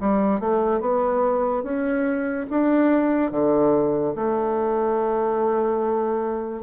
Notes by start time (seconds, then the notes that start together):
0.00 G3
0.40 A3
0.81 B3
1.63 C#4
2.50 D4
3.31 D3
4.15 A3